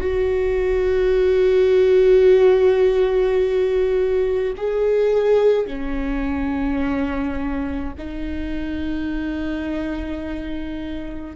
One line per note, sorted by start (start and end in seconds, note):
0.00 4.53 F#4
4.56 5.66 G#4
5.66 7.92 C#4
7.98 11.36 D#4